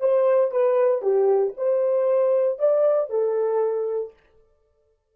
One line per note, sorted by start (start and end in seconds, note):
0.00 0.51 C5
0.51 1.02 B4
1.02 1.54 G4
1.57 2.59 C5
2.59 3.10 D5
3.10 4.13 A4